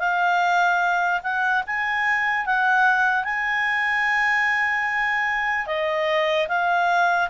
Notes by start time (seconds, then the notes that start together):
0.00 F5
1.23 F#5
1.67 G#5
2.46 F#5
3.25 G#5
5.67 D#5
6.49 F5